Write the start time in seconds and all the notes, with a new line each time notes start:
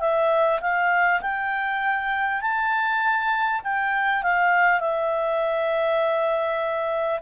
0.00 E5
0.61 F5
1.21 G5
2.42 A5
3.64 G5
4.23 F5
4.81 E5